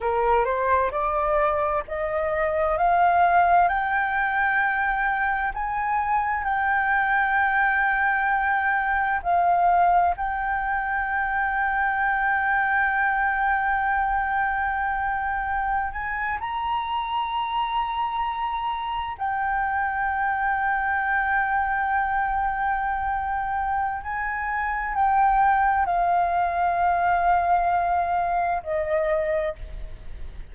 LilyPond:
\new Staff \with { instrumentName = "flute" } { \time 4/4 \tempo 4 = 65 ais'8 c''8 d''4 dis''4 f''4 | g''2 gis''4 g''4~ | g''2 f''4 g''4~ | g''1~ |
g''4~ g''16 gis''8 ais''2~ ais''16~ | ais''8. g''2.~ g''16~ | g''2 gis''4 g''4 | f''2. dis''4 | }